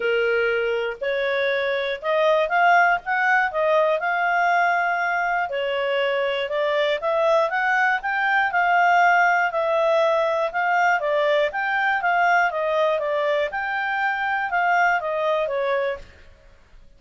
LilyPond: \new Staff \with { instrumentName = "clarinet" } { \time 4/4 \tempo 4 = 120 ais'2 cis''2 | dis''4 f''4 fis''4 dis''4 | f''2. cis''4~ | cis''4 d''4 e''4 fis''4 |
g''4 f''2 e''4~ | e''4 f''4 d''4 g''4 | f''4 dis''4 d''4 g''4~ | g''4 f''4 dis''4 cis''4 | }